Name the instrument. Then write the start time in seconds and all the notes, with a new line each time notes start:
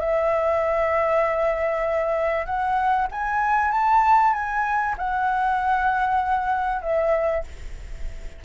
flute
0.00 E5
2.46 F#5
3.12 G#5
3.72 A5
4.34 G#5
4.98 F#5
6.82 E5